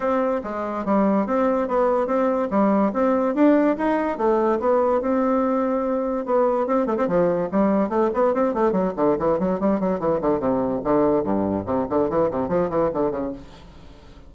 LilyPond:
\new Staff \with { instrumentName = "bassoon" } { \time 4/4 \tempo 4 = 144 c'4 gis4 g4 c'4 | b4 c'4 g4 c'4 | d'4 dis'4 a4 b4 | c'2. b4 |
c'8 a16 c'16 f4 g4 a8 b8 | c'8 a8 fis8 d8 e8 fis8 g8 fis8 | e8 d8 c4 d4 g,4 | c8 d8 e8 c8 f8 e8 d8 cis8 | }